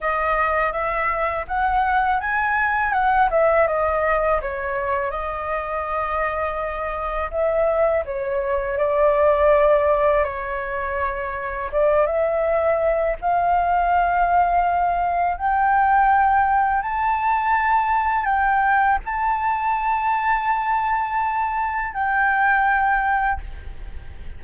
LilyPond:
\new Staff \with { instrumentName = "flute" } { \time 4/4 \tempo 4 = 82 dis''4 e''4 fis''4 gis''4 | fis''8 e''8 dis''4 cis''4 dis''4~ | dis''2 e''4 cis''4 | d''2 cis''2 |
d''8 e''4. f''2~ | f''4 g''2 a''4~ | a''4 g''4 a''2~ | a''2 g''2 | }